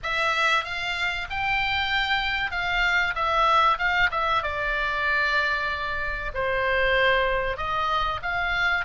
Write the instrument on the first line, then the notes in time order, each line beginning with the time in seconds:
oboe
0.03 E5
0.64 F5
1.29 G5
2.51 F5
3.15 E5
3.78 F5
4.11 E5
4.42 D5
6.34 C5
7.57 D#5
8.22 F5